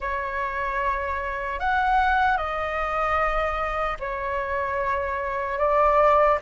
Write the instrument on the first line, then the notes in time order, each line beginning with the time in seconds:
flute
0.00 C#5
1.59 F#5
2.37 D#5
3.99 C#5
5.58 D5